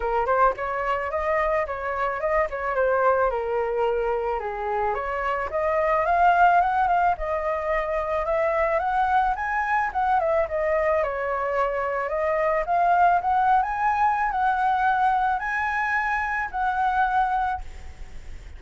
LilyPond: \new Staff \with { instrumentName = "flute" } { \time 4/4 \tempo 4 = 109 ais'8 c''8 cis''4 dis''4 cis''4 | dis''8 cis''8 c''4 ais'2 | gis'4 cis''4 dis''4 f''4 | fis''8 f''8 dis''2 e''4 |
fis''4 gis''4 fis''8 e''8 dis''4 | cis''2 dis''4 f''4 | fis''8. gis''4~ gis''16 fis''2 | gis''2 fis''2 | }